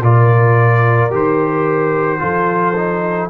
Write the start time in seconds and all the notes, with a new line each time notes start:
0.00 A#2 F4 A#4 D5
1.10 D#3 G4 C5
2.18 F3 F4 A4
2.75 D#4